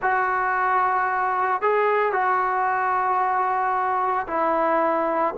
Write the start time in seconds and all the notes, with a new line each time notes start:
0.01 F#4
1.61 G#4
2.12 F#4
4.27 E4